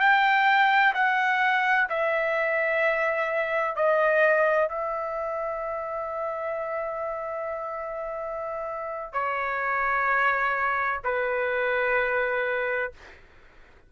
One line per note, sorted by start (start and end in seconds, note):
0.00 0.94 G5
0.94 1.88 F#5
1.90 3.76 E5
3.76 4.69 D#5
4.69 9.13 E5
9.13 11.00 C#5
11.05 12.92 B4